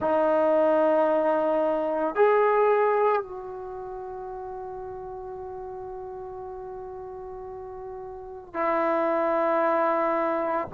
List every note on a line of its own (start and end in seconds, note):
0.00 2.15 D#4
2.15 3.22 G#4
3.22 8.53 F#4
8.53 10.68 E4